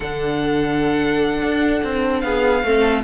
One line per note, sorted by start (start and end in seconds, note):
0.00 1.42 D3
0.00 2.64 D4
0.00 2.22 A4
0.00 2.20 F#5
1.42 1.82 D4
1.83 2.23 C4
2.20 2.63 B3
2.20 2.65 G#4
2.20 3.01 F5
2.63 3.03 A3
2.63 3.04 C4
2.63 3.04 A4